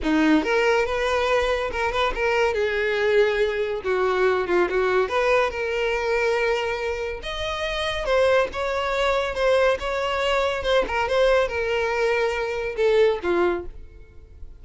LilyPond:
\new Staff \with { instrumentName = "violin" } { \time 4/4 \tempo 4 = 141 dis'4 ais'4 b'2 | ais'8 b'8 ais'4 gis'2~ | gis'4 fis'4. f'8 fis'4 | b'4 ais'2.~ |
ais'4 dis''2 c''4 | cis''2 c''4 cis''4~ | cis''4 c''8 ais'8 c''4 ais'4~ | ais'2 a'4 f'4 | }